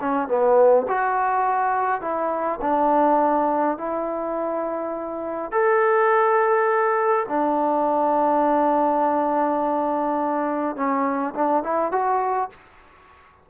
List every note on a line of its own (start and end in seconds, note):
0.00 0.28 C#4
0.28 0.86 B3
0.88 2.01 F#4
2.01 2.59 E4
2.61 3.77 D4
3.77 5.51 E4
5.51 7.26 A4
7.28 10.75 D4
10.75 11.34 C#4
11.34 11.63 D4
11.63 11.91 E4
11.91 12.49 F#4